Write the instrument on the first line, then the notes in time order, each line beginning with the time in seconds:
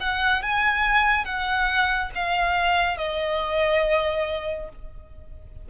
violin
0.00 F#5
0.42 G#5
1.25 F#5
2.15 F5
2.97 D#5